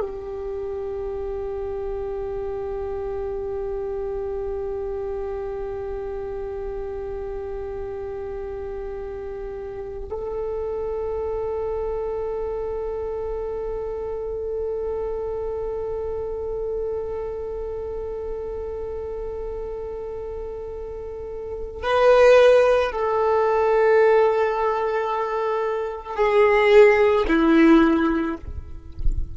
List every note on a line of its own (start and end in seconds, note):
0.00 10.09 G4
10.11 21.83 A4
21.83 22.92 B4
22.92 26.16 A4
26.16 27.25 G#4
27.28 28.37 E4